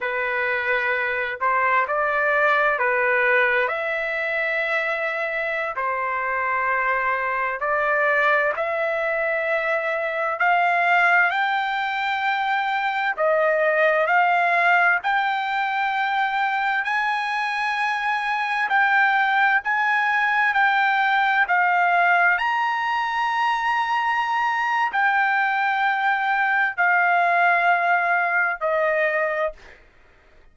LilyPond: \new Staff \with { instrumentName = "trumpet" } { \time 4/4 \tempo 4 = 65 b'4. c''8 d''4 b'4 | e''2~ e''16 c''4.~ c''16~ | c''16 d''4 e''2 f''8.~ | f''16 g''2 dis''4 f''8.~ |
f''16 g''2 gis''4.~ gis''16~ | gis''16 g''4 gis''4 g''4 f''8.~ | f''16 ais''2~ ais''8. g''4~ | g''4 f''2 dis''4 | }